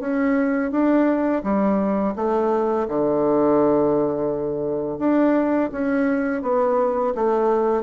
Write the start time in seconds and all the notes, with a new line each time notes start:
0.00 C#4
0.71 D4
1.43 G3
2.16 A3
2.88 D3
4.99 D4
5.72 C#4
6.42 B3
7.15 A3